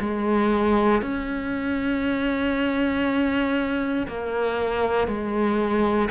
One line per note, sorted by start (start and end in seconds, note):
0.00 1.02 G#3
1.02 4.07 C#4
4.07 5.07 A#3
5.07 6.09 G#3